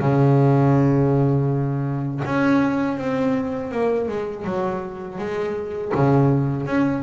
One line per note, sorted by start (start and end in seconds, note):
0.00 2.22 C#3
2.25 2.98 C#4
2.98 3.71 C4
3.71 4.08 A#3
4.08 4.45 G#3
4.45 5.18 F#3
5.18 5.92 G#3
5.95 6.66 C#3
6.66 7.02 C#4